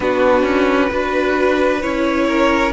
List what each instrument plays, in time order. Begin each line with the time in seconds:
0.00 cello B3, viola D4, violin F#4 B4
0.43 cello C#4
0.90 cello D4, viola F#4, violin B4
1.81 cello C#4, viola E4, violin C#5
2.27 violin A#4